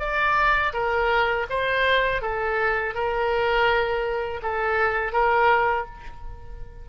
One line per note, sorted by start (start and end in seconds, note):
0.00 0.73 D5
0.74 1.47 A#4
1.50 2.22 C5
2.22 2.95 A4
2.95 4.41 A#4
4.42 5.13 A4
5.13 5.86 A#4